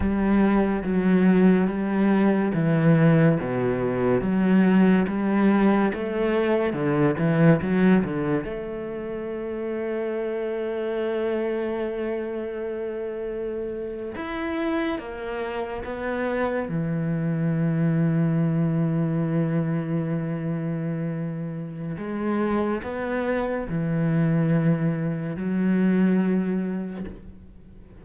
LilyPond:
\new Staff \with { instrumentName = "cello" } { \time 4/4 \tempo 4 = 71 g4 fis4 g4 e4 | b,4 fis4 g4 a4 | d8 e8 fis8 d8 a2~ | a1~ |
a8. e'4 ais4 b4 e16~ | e1~ | e2 gis4 b4 | e2 fis2 | }